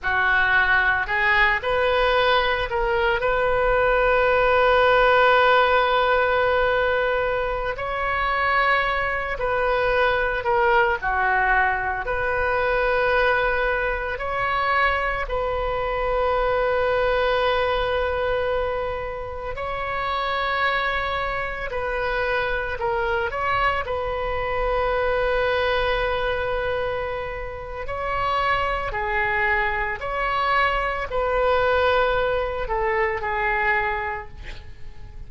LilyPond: \new Staff \with { instrumentName = "oboe" } { \time 4/4 \tempo 4 = 56 fis'4 gis'8 b'4 ais'8 b'4~ | b'2.~ b'16 cis''8.~ | cis''8. b'4 ais'8 fis'4 b'8.~ | b'4~ b'16 cis''4 b'4.~ b'16~ |
b'2~ b'16 cis''4.~ cis''16~ | cis''16 b'4 ais'8 cis''8 b'4.~ b'16~ | b'2 cis''4 gis'4 | cis''4 b'4. a'8 gis'4 | }